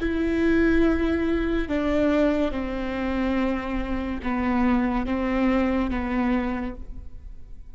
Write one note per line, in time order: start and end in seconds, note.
0.00 1.68 E4
1.68 2.52 D4
2.52 4.21 C4
4.23 5.06 B3
5.06 5.90 C4
5.90 6.75 B3